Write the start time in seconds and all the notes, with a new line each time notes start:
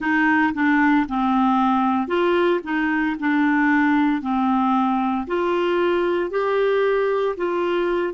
0.00 D#4
0.54 D4
1.08 C4
2.07 F4
2.63 D#4
3.19 D4
4.21 C4
5.27 F4
6.30 G4
7.36 F4